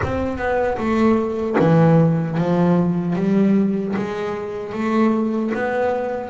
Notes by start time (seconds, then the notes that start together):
0.03 C4
0.37 B3
0.77 A3
1.59 E3
2.37 F3
3.15 G3
3.96 G#3
4.73 A3
5.54 B3